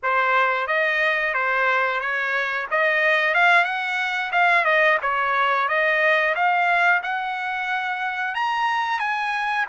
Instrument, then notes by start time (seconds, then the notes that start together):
trumpet
0.02 C5
0.67 D#5
1.33 C5
2.00 C#5
2.70 D#5
3.34 F5
3.64 F#5
4.32 F5
4.65 D#5
5.02 C#5
5.68 D#5
6.35 F5
7.02 F#5
8.35 A#5
8.98 G#5